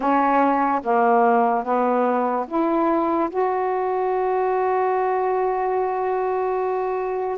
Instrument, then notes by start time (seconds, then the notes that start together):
saxophone
0.00 C#4
0.82 A#3
1.64 B3
2.47 E4
3.30 F#4